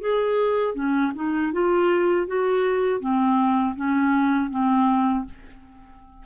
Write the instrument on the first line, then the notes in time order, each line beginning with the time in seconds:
clarinet
0.00 G#4
0.75 C#4
1.15 D#4
1.52 F4
2.27 F#4
3.00 C4
3.76 C#4
4.50 C4